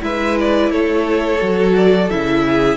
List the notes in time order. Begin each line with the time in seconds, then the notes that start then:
0.00 G#3 E4 B4 E5
0.39 D5
0.70 A3 A4 C#5
1.39 F#3 F#4
1.75 D5
2.10 C#3 E4 E5
2.46 G#4